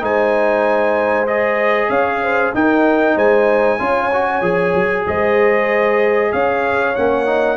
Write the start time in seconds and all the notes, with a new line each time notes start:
0.00 G#3 D#4 C5 G#5
1.27 G#4 D#5
1.89 C#4 C#5 F5
2.22 C5
2.54 D#4 A#4 G5
3.15 G#3 C5 G#5
3.79 C#4 F4 C#5
4.12 F#4
4.41 F3 G#4
4.74 F#3
5.06 G#3 C5 D#5
6.32 C#4 C#5 F5
6.95 A#3 C#4 F#5
7.26 D#4